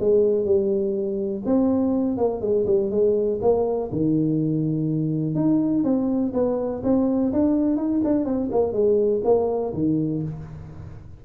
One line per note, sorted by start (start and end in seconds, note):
0.00 0.45 G#3
0.45 1.43 G3
1.46 2.18 C4
2.18 2.41 A#3
2.41 2.65 G#3
2.66 2.90 G3
2.90 3.39 G#3
3.41 3.90 A#3
3.92 5.35 D#3
5.35 5.84 D#4
5.84 6.33 C4
6.33 6.82 B3
6.83 7.32 C4
7.33 7.77 D4
7.77 8.01 D#4
8.04 8.25 D4
8.25 8.49 C4
8.51 8.73 A#3
8.73 9.21 G#3
9.24 9.73 A#3
9.74 10.22 D#3